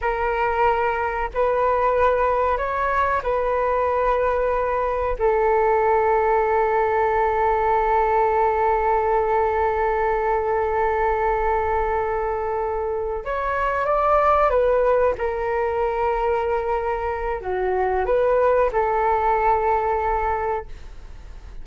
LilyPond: \new Staff \with { instrumentName = "flute" } { \time 4/4 \tempo 4 = 93 ais'2 b'2 | cis''4 b'2. | a'1~ | a'1~ |
a'1~ | a'8 cis''4 d''4 b'4 ais'8~ | ais'2. fis'4 | b'4 a'2. | }